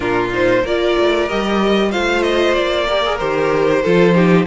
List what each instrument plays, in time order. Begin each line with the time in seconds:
0.00 cello A#2, viola D4, violin F4 A#4
0.32 viola D#4, violin C5
0.62 cello A#3, viola F4, violin A#4 D5
0.99 cello A3
1.29 cello G3, viola G4, violin D#5
1.91 cello A3, viola F4, violin C5 F5
2.22 violin D#5
2.53 cello A#3, violin D5
2.89 viola G4, violin A#4
3.04 viola G#4
3.18 cello D#3, viola G4, violin C5
3.82 cello F3, viola F4, violin A4
4.13 viola D#4, violin G4